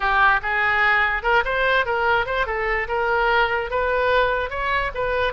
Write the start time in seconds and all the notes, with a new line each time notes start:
0.00 G4
0.42 G#4
1.23 A#4
1.44 C5
1.85 A#4
2.26 C5
2.46 A4
2.88 A#4
3.70 B4
4.50 C#5
4.94 B4